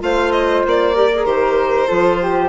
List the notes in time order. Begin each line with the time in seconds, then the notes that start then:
0.00 A3 F4 C5 F5
0.32 D#5
0.66 A#3 D5
0.95 G4 A#4
1.15 G#4
1.26 D#3 G4 C5
1.88 F3 F4 A4
2.22 G4